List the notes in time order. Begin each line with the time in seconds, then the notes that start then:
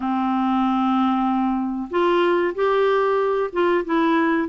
0.00 C4
1.90 F4
2.54 G4
3.52 F4
3.84 E4